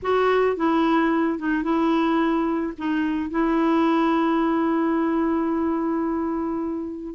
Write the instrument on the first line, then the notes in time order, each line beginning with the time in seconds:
clarinet
0.02 F#4
0.56 E4
1.39 D#4
1.63 E4
2.78 D#4
3.30 E4